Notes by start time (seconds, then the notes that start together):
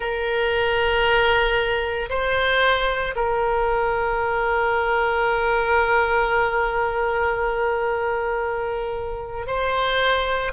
0.00 A#4
2.09 C5
3.15 A#4
9.46 C5